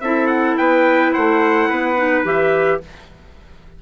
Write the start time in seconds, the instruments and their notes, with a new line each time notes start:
0.00 bassoon C4, clarinet E4, trumpet A4 E5
0.27 trumpet F#5
0.57 bassoon B3, trumpet B4 G5
1.13 bassoon A3, trumpet C5 F#5
1.69 bassoon B3, trumpet B4
1.97 clarinet D#4
2.24 bassoon E3, clarinet G4, trumpet E5